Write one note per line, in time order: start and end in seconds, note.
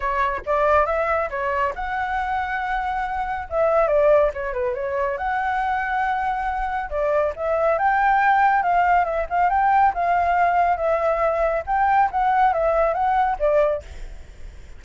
0.00 0.41 C#5
0.46 0.86 D5
0.86 1.29 E5
1.29 1.73 C#5
1.75 3.47 F#5
3.49 3.87 E5
3.87 4.30 D5
4.33 4.53 C#5
4.53 4.74 B4
4.74 5.17 C#5
5.17 6.90 F#5
6.90 7.33 D5
7.36 7.78 E5
7.78 8.63 G5
8.63 9.05 F5
9.05 9.26 E5
9.29 9.49 F5
9.49 9.92 G5
9.94 10.76 F5
10.76 11.63 E5
11.66 12.09 G5
12.11 12.53 F#5
12.53 12.93 E5
12.93 13.36 F#5
13.39 13.82 D5